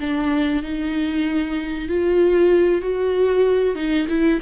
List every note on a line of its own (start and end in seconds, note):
0.00 0.63 D4
0.63 1.88 D#4
1.88 2.81 F4
2.81 3.75 F#4
3.75 4.07 D#4
4.08 4.40 E4